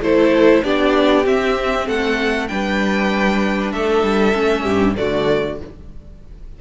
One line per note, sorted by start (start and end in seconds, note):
0.00 0.62 A3
0.00 0.64 E4
0.00 0.64 A4
0.00 0.64 C5
0.64 1.26 B3
0.64 1.24 D4
0.64 1.86 G4
0.64 1.26 D5
1.24 2.47 C4
1.24 1.87 C4
1.24 1.88 E5
1.86 2.50 A3
1.86 2.48 A4
1.86 2.48 F#5
2.48 3.73 G3
2.48 4.33 D4
2.48 3.73 B4
2.48 3.72 G5
3.72 4.03 A3
3.72 4.63 A4
3.72 4.95 E5
4.03 4.34 G3
4.33 4.65 A3
4.33 4.95 C#4
4.63 4.96 G2
4.63 4.94 G4
4.95 5.61 D3
4.95 5.57 A3
4.95 5.60 F#4
4.95 5.58 D5